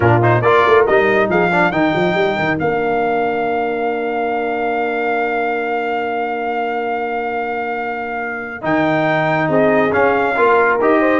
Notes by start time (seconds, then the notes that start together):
0.00 A#2 D4 F4 A#4
0.21 D#4 C5
0.41 A#3 F4 A#4 D5
0.66 A3
0.86 G3 D#4 D#5
1.29 F3 G#4 F5
1.51 D4 A#4
1.71 D#3 D#4 G5
1.94 F3
2.14 G3
2.38 D#3
2.58 A#3 D4 F5
8.61 D#3 D#4 G5
9.48 C4 G#4 D#5
9.91 C#4 F5
10.36 A#3 F4 A#4
10.80 D#4 G4 D#5
11.00 C5